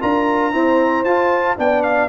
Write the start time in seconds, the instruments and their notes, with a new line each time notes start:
0.00 tuba D4, trombone F4, horn A#4, trumpet A#5
0.52 trombone C4, tuba E4, horn C5
1.04 tuba F4, trombone F4, trumpet A5
1.57 tuba B3, trombone D4, horn D5, trumpet G5
1.82 trumpet F5